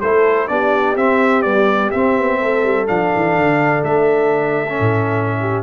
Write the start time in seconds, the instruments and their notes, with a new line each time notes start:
0.00 tuba A3, trombone E4, horn A4, trumpet C5
0.47 tuba B3, trombone D4, horn G4, trumpet D5
0.95 tuba C4, trombone C4, trumpet E5
1.42 trombone G3, tuba B3, trumpet D5
1.90 trombone C4, tuba C4, trumpet E5
2.18 tuba B3
2.39 tuba A3, horn A4
2.63 tuba G3
2.86 tuba F3, trombone D4, trumpet F5
3.15 tuba E3
3.36 tuba D3
3.83 tuba A3, trumpet E5
4.69 trombone C#4
4.79 tuba A2
5.40 horn G4